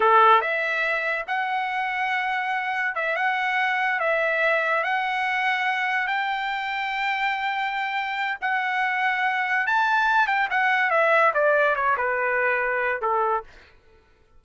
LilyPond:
\new Staff \with { instrumentName = "trumpet" } { \time 4/4 \tempo 4 = 143 a'4 e''2 fis''4~ | fis''2. e''8 fis''8~ | fis''4. e''2 fis''8~ | fis''2~ fis''8 g''4.~ |
g''1 | fis''2. a''4~ | a''8 g''8 fis''4 e''4 d''4 | cis''8 b'2~ b'8 a'4 | }